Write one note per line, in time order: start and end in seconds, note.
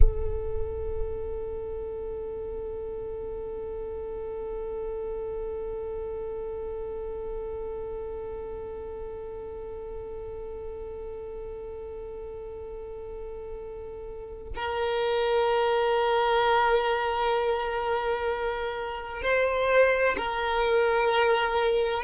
0.00 14.53 A4
14.55 19.22 A#4
19.22 20.16 C5
20.17 22.03 A#4